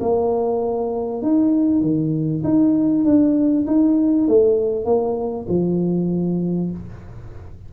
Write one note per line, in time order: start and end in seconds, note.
0.00 1.22 A#3
1.22 1.81 D#4
1.81 2.42 D#3
2.44 3.04 D#4
3.04 3.66 D4
3.66 4.27 D#4
4.27 4.85 A3
4.85 5.46 A#3
5.48 6.71 F3